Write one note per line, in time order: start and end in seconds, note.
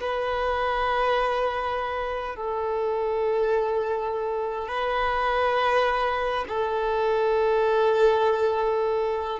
0.00 2.35 B4
2.35 4.68 A4
4.68 6.44 B4
6.48 9.40 A4